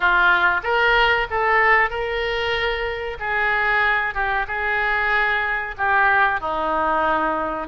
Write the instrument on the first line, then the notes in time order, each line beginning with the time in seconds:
oboe
0.00 F4
0.63 A#4
1.30 A4
1.90 A#4
3.19 G#4
4.14 G4
4.47 G#4
5.77 G4
6.40 D#4